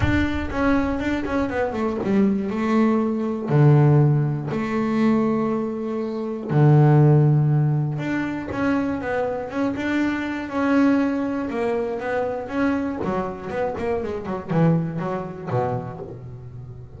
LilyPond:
\new Staff \with { instrumentName = "double bass" } { \time 4/4 \tempo 4 = 120 d'4 cis'4 d'8 cis'8 b8 a8 | g4 a2 d4~ | d4 a2.~ | a4 d2. |
d'4 cis'4 b4 cis'8 d'8~ | d'4 cis'2 ais4 | b4 cis'4 fis4 b8 ais8 | gis8 fis8 e4 fis4 b,4 | }